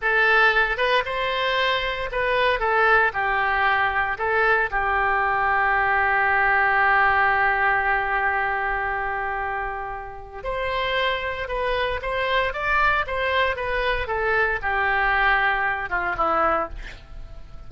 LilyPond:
\new Staff \with { instrumentName = "oboe" } { \time 4/4 \tempo 4 = 115 a'4. b'8 c''2 | b'4 a'4 g'2 | a'4 g'2.~ | g'1~ |
g'1 | c''2 b'4 c''4 | d''4 c''4 b'4 a'4 | g'2~ g'8 f'8 e'4 | }